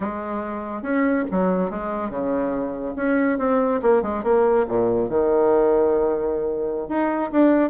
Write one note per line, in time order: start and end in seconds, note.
0.00 0.82 G#3
0.82 1.24 C#4
1.31 1.70 F#3
1.70 2.09 G#3
2.09 2.94 C#3
2.96 3.38 C#4
3.38 3.80 C4
3.82 4.02 A#3
4.02 4.23 G#3
4.23 4.66 A#3
4.67 5.09 A#2
5.09 6.88 D#3
6.88 7.30 D#4
7.31 7.70 D4